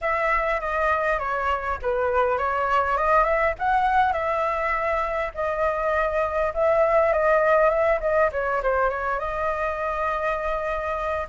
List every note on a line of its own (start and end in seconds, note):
0.01 0.60 E5
0.60 1.19 D#5
1.19 1.78 C#5
1.82 2.38 B4
2.38 2.97 C#5
2.97 3.24 D#5
3.24 3.53 E5
3.58 4.13 F#5
4.13 5.31 E5
5.34 6.53 D#5
6.54 7.13 E5
7.13 7.69 D#5
7.69 7.99 E5
8.00 8.30 D#5
8.32 8.61 C#5
8.62 8.89 C5
8.89 9.19 C#5
9.19 11.27 D#5